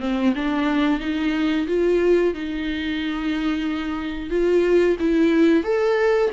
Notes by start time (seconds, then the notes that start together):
0.00 C4
0.35 D4
1.00 D#4
1.67 F4
2.34 D#4
4.30 F4
4.99 E4
5.64 A4